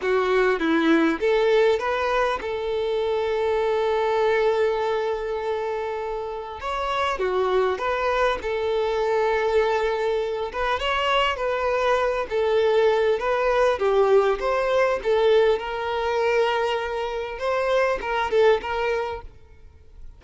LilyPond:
\new Staff \with { instrumentName = "violin" } { \time 4/4 \tempo 4 = 100 fis'4 e'4 a'4 b'4 | a'1~ | a'2. cis''4 | fis'4 b'4 a'2~ |
a'4. b'8 cis''4 b'4~ | b'8 a'4. b'4 g'4 | c''4 a'4 ais'2~ | ais'4 c''4 ais'8 a'8 ais'4 | }